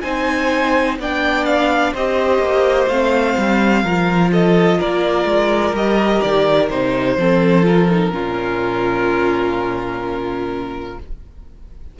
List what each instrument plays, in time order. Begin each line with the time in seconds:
0.00 cello C4, viola D#4, violin C5 G#5
0.98 cello B3, viola D4, violin D5 G5
1.45 violin F5
1.92 cello C4, viola G4, violin C5 D#5
2.38 cello A#3
2.87 cello A3, viola C4, violin F5
3.37 cello G3
3.83 cello F3, viola F4, violin A#4
4.31 violin A4 D#5
4.78 cello A#3, violin A#4 D5
5.24 cello G#3
5.72 cello G3, viola G4, violin D#5
6.21 cello D#3, violin D5
6.69 cello C3, viola D#4, violin C5
7.16 cello F3, viola C4, violin A4
7.62 viola F4, violin A#4
7.90 viola D#4
8.11 cello A#2, viola C#4, violin F4